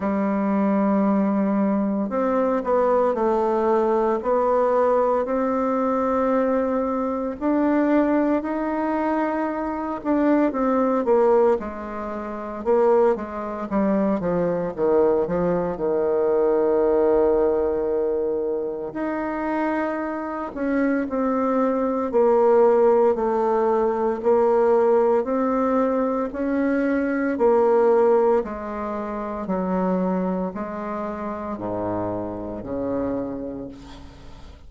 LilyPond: \new Staff \with { instrumentName = "bassoon" } { \time 4/4 \tempo 4 = 57 g2 c'8 b8 a4 | b4 c'2 d'4 | dis'4. d'8 c'8 ais8 gis4 | ais8 gis8 g8 f8 dis8 f8 dis4~ |
dis2 dis'4. cis'8 | c'4 ais4 a4 ais4 | c'4 cis'4 ais4 gis4 | fis4 gis4 gis,4 cis4 | }